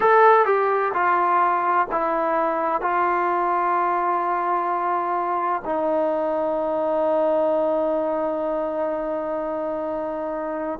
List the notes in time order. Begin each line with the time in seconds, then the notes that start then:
0.00 A4
0.45 G4
0.93 F4
1.91 E4
2.81 F4
5.64 D#4